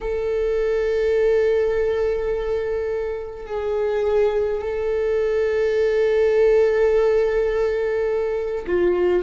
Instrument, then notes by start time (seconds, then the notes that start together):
viola
0.00 A4
3.46 G#4
4.62 A4
8.66 F4